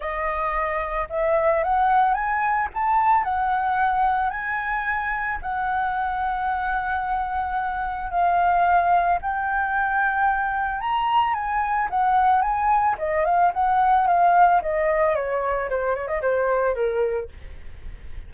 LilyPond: \new Staff \with { instrumentName = "flute" } { \time 4/4 \tempo 4 = 111 dis''2 e''4 fis''4 | gis''4 a''4 fis''2 | gis''2 fis''2~ | fis''2. f''4~ |
f''4 g''2. | ais''4 gis''4 fis''4 gis''4 | dis''8 f''8 fis''4 f''4 dis''4 | cis''4 c''8 cis''16 dis''16 c''4 ais'4 | }